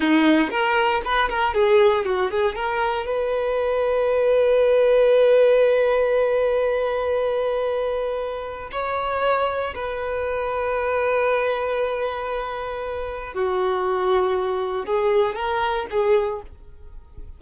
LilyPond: \new Staff \with { instrumentName = "violin" } { \time 4/4 \tempo 4 = 117 dis'4 ais'4 b'8 ais'8 gis'4 | fis'8 gis'8 ais'4 b'2~ | b'1~ | b'1~ |
b'4 cis''2 b'4~ | b'1~ | b'2 fis'2~ | fis'4 gis'4 ais'4 gis'4 | }